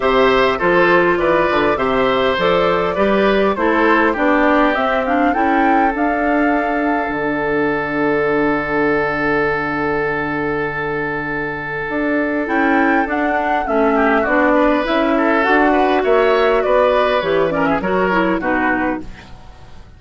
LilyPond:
<<
  \new Staff \with { instrumentName = "flute" } { \time 4/4 \tempo 4 = 101 e''4 c''4 d''4 e''4 | d''2 c''4 d''4 | e''8 f''8 g''4 f''2 | fis''1~ |
fis''1~ | fis''4 g''4 fis''4 e''4 | d''4 e''4 fis''4 e''4 | d''4 cis''8 d''16 e''16 cis''4 b'4 | }
  \new Staff \with { instrumentName = "oboe" } { \time 4/4 c''4 a'4 b'4 c''4~ | c''4 b'4 a'4 g'4~ | g'4 a'2.~ | a'1~ |
a'1~ | a'2.~ a'8 g'8 | fis'8 b'4 a'4 b'8 cis''4 | b'4. ais'16 gis'16 ais'4 fis'4 | }
  \new Staff \with { instrumentName = "clarinet" } { \time 4/4 g'4 f'2 g'4 | a'4 g'4 e'4 d'4 | c'8 d'8 e'4 d'2~ | d'1~ |
d'1~ | d'4 e'4 d'4 cis'4 | d'4 e'4 fis'2~ | fis'4 g'8 cis'8 fis'8 e'8 dis'4 | }
  \new Staff \with { instrumentName = "bassoon" } { \time 4/4 c4 f4 e8 d8 c4 | f4 g4 a4 b4 | c'4 cis'4 d'2 | d1~ |
d1 | d'4 cis'4 d'4 a4 | b4 cis'4 d'4 ais4 | b4 e4 fis4 b,4 | }
>>